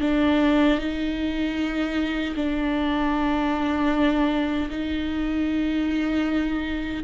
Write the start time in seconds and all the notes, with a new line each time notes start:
0.00 D4
0.78 D#4
2.35 D4
4.70 D#4